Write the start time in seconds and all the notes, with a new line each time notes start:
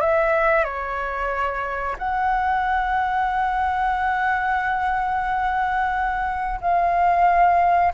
0.00 E5
0.64 C#5
1.98 F#5
6.61 F5